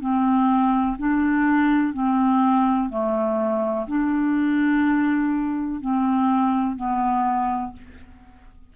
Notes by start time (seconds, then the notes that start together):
0.00 C4
0.98 D4
1.93 C4
2.89 A3
3.87 D4
5.81 C4
6.76 B3